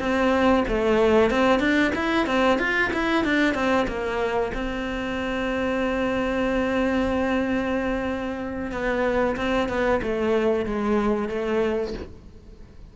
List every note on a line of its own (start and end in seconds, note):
0.00 0.65 C4
0.68 1.31 A3
1.31 1.60 C4
1.60 1.92 D4
1.96 2.27 E4
2.27 2.59 C4
2.59 2.91 F4
2.94 3.25 E4
3.25 3.55 D4
3.55 3.87 C4
3.88 4.52 A#3
4.55 8.72 C4
8.72 9.37 B3
9.37 9.69 C4
9.69 10.01 B3
10.03 10.66 A3
10.66 11.29 G#3
11.29 11.94 A3